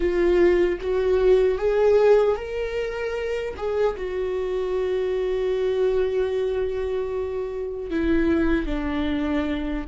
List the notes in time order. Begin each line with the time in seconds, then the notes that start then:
0.00 F4
0.80 F#4
1.58 G#4
2.35 A#4
3.56 G#4
3.96 F#4
7.90 E4
8.66 D4